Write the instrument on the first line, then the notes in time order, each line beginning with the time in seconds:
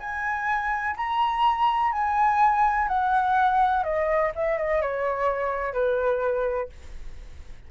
flute
0.00 G#5
0.97 A#5
1.92 G#5
2.88 F#5
3.84 D#5
4.35 E5
4.58 D#5
4.82 C#5
5.74 B4